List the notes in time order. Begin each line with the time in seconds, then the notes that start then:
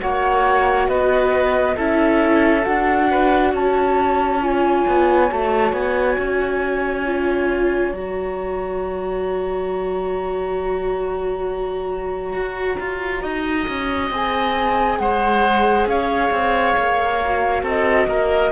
0.00 A#3 F#4 C#5 F#5
0.88 B3 B4 D#5
1.76 C#4 E4 A4 E5
2.62 D4 F#4 F#5
3.11 B4
3.53 C#4 C#5 A5
4.41 F4 G#5
4.87 B3
5.30 A3 F#4 A5
5.73 B3 G#5
6.18 C#4
7.06 F4
7.92 F#3 F#4 A#5
12.33 F#4
12.80 F4
13.22 D#4 D#5
13.68 C#4
14.10 C4 G#4 G#5
14.98 G#3 C5 F#5
15.86 C#4 C#5 F5
16.31 C4
16.77 A#3
17.24 F#4
17.63 C4 A4 D#5
18.07 A#3 A#4